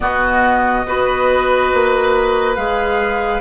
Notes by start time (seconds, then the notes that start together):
0.00 B2 B3 F#4 D#5
0.86 B3 F#4 B4
1.73 A#3
2.55 G#3 G#4 F5